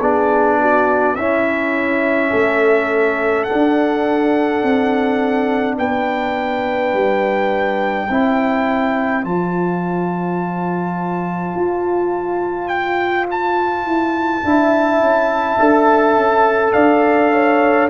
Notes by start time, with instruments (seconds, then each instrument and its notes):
0.00 tuba B3, trombone D4, horn G#4, trumpet D5
0.61 horn F#4
1.15 tuba C#4, trombone C#4, horn E4, trumpet E5
2.30 tuba A3, horn A4
3.43 trombone D4, trumpet F#5
3.52 tuba D4
4.62 tuba C4
5.78 tuba B3, horn B4, trumpet G5
6.93 tuba G3
8.07 tuba C4, trombone E4, horn C5
9.23 tuba F3, trombone F4, trumpet A5
11.55 tuba F4
12.68 trumpet G5
13.30 trumpet A5
13.84 tuba E4
14.43 tuba D4, trombone E4, horn E5
14.99 tuba C#4
15.59 tuba D4, trombone A4
16.16 tuba C#4
16.73 tuba D4, horn D5, trumpet F5
17.31 horn C#5